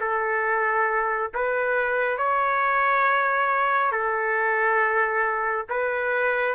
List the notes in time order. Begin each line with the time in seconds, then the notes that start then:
0.00 A4
1.34 B4
2.18 C#5
3.92 A4
5.70 B4